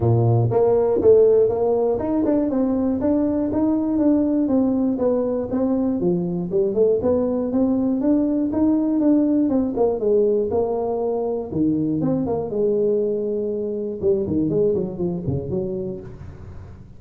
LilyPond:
\new Staff \with { instrumentName = "tuba" } { \time 4/4 \tempo 4 = 120 ais,4 ais4 a4 ais4 | dis'8 d'8 c'4 d'4 dis'4 | d'4 c'4 b4 c'4 | f4 g8 a8 b4 c'4 |
d'4 dis'4 d'4 c'8 ais8 | gis4 ais2 dis4 | c'8 ais8 gis2. | g8 dis8 gis8 fis8 f8 cis8 fis4 | }